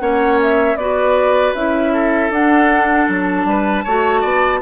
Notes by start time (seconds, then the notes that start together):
0.00 A#3 C#4 C#5 F#5
0.42 E5
0.75 B3 F#4 B4 D5
1.54 C#4 E4 E5
1.93 A4
2.30 D4 F#5
3.08 F#3 A5
3.45 G3 B4
3.84 A3 F#4 C#5
4.21 B3 D5